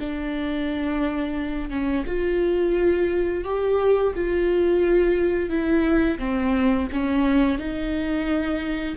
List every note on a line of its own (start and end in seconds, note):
0.00 1.70 D4
1.70 2.04 C#4
2.07 3.44 F4
3.44 4.13 G4
4.16 5.49 F4
5.49 6.18 E4
6.18 6.87 C4
6.92 7.58 C#4
7.58 8.96 D#4